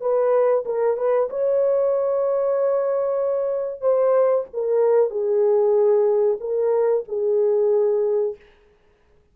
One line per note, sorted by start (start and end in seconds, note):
0.00 0.64 B4
0.65 0.97 A#4
0.97 1.29 B4
1.29 3.81 C#5
3.81 4.44 C5
4.53 5.10 A#4
5.10 6.37 G#4
6.40 7.04 A#4
7.08 8.35 G#4